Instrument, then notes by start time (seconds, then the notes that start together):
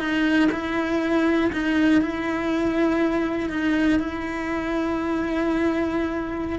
cello
0.00 D#4
0.52 E4
1.53 D#4
2.02 E4
3.50 D#4
4.00 E4